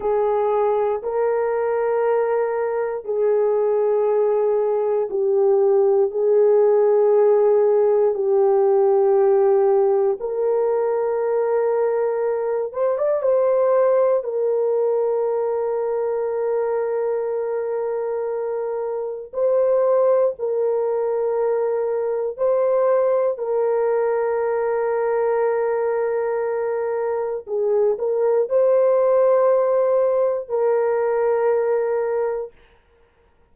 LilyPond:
\new Staff \with { instrumentName = "horn" } { \time 4/4 \tempo 4 = 59 gis'4 ais'2 gis'4~ | gis'4 g'4 gis'2 | g'2 ais'2~ | ais'8 c''16 d''16 c''4 ais'2~ |
ais'2. c''4 | ais'2 c''4 ais'4~ | ais'2. gis'8 ais'8 | c''2 ais'2 | }